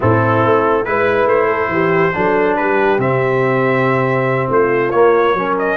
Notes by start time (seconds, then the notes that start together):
0.00 A2 C4 E4 A4
0.44 A3
0.84 G#3 E4 B4
1.25 A3 C5
1.46 A4
1.68 E3 G4
2.13 F#3 D4 A4
2.56 G3 G4 B4
2.98 C3 C4 E5
4.49 A3 F4 C5
4.90 A#3 C#5
5.34 F#3 C#4 A#4
5.58 D#5